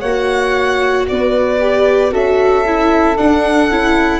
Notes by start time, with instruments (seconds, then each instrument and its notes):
0.00 tuba A#3, viola F#4, flute C#5, violin F#5
1.08 tuba B3, flute B4, violin D5
1.60 viola G4
2.11 tuba C#4, viola F#4, flute A4, violin E5
2.66 viola E4
3.17 viola D4, tuba D4, violin F#5
3.70 tuba C#4, viola E4